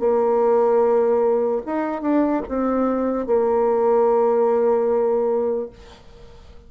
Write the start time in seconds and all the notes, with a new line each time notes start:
0.00 A#3
1.67 D#4
2.02 D4
2.49 C4
3.27 A#3